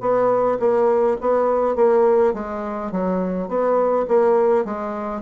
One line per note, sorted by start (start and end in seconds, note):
0.00 0.58 B3
0.59 1.17 A#3
1.20 1.75 B3
1.75 2.33 A#3
2.33 2.91 G#3
2.91 3.48 F#3
3.48 4.06 B3
4.08 4.64 A#3
4.64 5.21 G#3